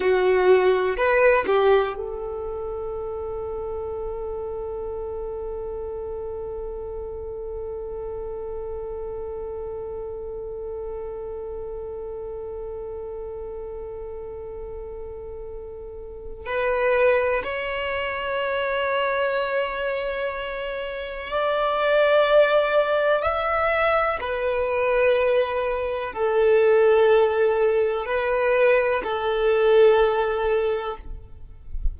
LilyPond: \new Staff \with { instrumentName = "violin" } { \time 4/4 \tempo 4 = 62 fis'4 b'8 g'8 a'2~ | a'1~ | a'1~ | a'1~ |
a'4 b'4 cis''2~ | cis''2 d''2 | e''4 b'2 a'4~ | a'4 b'4 a'2 | }